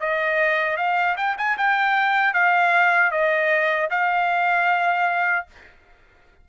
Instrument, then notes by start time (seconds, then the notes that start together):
trumpet
0.00 D#5
0.77 F5
1.17 G5
1.37 G#5
1.57 G5
2.33 F5
3.11 D#5
3.90 F5